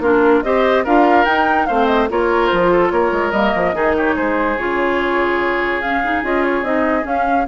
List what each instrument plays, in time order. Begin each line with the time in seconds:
0.00 bassoon A#3, clarinet D4, oboe F4, flute A#4
0.43 bassoon C4, clarinet G4, oboe C5, flute D#5
0.84 bassoon D4, clarinet F4, oboe A#4, flute F5
1.25 bassoon D#4, clarinet D#4, flute G5
1.66 bassoon A3, clarinet C4, oboe C5, flute F5
1.86 flute D#5
2.10 bassoon A#3, clarinet F4, oboe A#4, flute C#5
2.47 bassoon F3, flute C5
2.72 oboe A4
2.91 bassoon A#3, oboe A#4, flute C#5
3.12 bassoon G#3
3.31 bassoon G3, clarinet A#3, flute D#5
3.56 bassoon F3
3.73 bassoon D#3, clarinet D#4, oboe G#4
3.97 oboe G4, flute C#5
4.16 bassoon G#3, oboe G#4, flute C5
4.57 bassoon C#3, clarinet F4, flute C#5
5.82 clarinet C#4, flute F5
6.04 clarinet D#4
6.23 bassoon C#4, clarinet F4, flute D#5
6.44 flute C#5
6.63 bassoon C4, clarinet D#4, flute D#5
7.02 clarinet C#4, bassoon C#4, flute F5